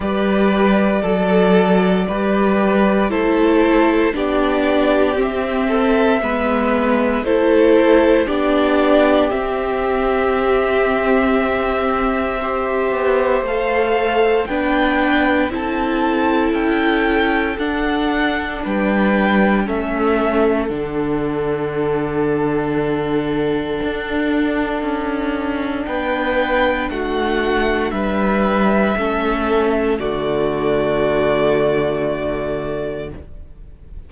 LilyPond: <<
  \new Staff \with { instrumentName = "violin" } { \time 4/4 \tempo 4 = 58 d''2. c''4 | d''4 e''2 c''4 | d''4 e''2.~ | e''4 f''4 g''4 a''4 |
g''4 fis''4 g''4 e''4 | fis''1~ | fis''4 g''4 fis''4 e''4~ | e''4 d''2. | }
  \new Staff \with { instrumentName = "violin" } { \time 4/4 b'4 a'4 b'4 a'4 | g'4. a'8 b'4 a'4 | g'1 | c''2 b'4 a'4~ |
a'2 b'4 a'4~ | a'1~ | a'4 b'4 fis'4 b'4 | a'4 fis'2. | }
  \new Staff \with { instrumentName = "viola" } { \time 4/4 g'4 a'4 g'4 e'4 | d'4 c'4 b4 e'4 | d'4 c'2. | g'4 a'4 d'4 e'4~ |
e'4 d'2 cis'4 | d'1~ | d'1 | cis'4 a2. | }
  \new Staff \with { instrumentName = "cello" } { \time 4/4 g4 fis4 g4 a4 | b4 c'4 gis4 a4 | b4 c'2.~ | c'8 b8 a4 b4 c'4 |
cis'4 d'4 g4 a4 | d2. d'4 | cis'4 b4 a4 g4 | a4 d2. | }
>>